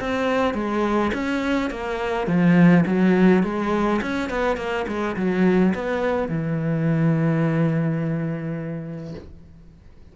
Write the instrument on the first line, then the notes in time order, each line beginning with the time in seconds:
cello
0.00 C4
0.54 G#3
1.14 C#4
1.71 A#3
2.28 F3
2.86 F#3
3.43 G#3
4.02 C#4
4.30 B3
4.57 A#3
4.88 G#3
5.17 F#3
5.75 B3
6.29 E3